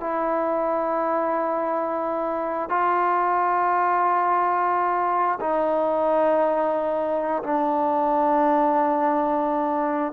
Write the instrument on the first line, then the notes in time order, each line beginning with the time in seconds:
trombone
0.00 E4
2.69 F4
5.40 D#4
7.43 D4